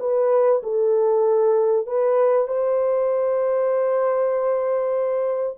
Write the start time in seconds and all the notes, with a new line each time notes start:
0.00 B4
0.63 A4
1.87 B4
2.47 C5